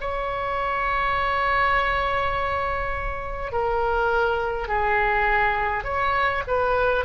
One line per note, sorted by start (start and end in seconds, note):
0.00 3.51 C#5
3.51 4.67 A#4
4.67 5.83 G#4
5.83 6.42 C#5
6.47 7.04 B4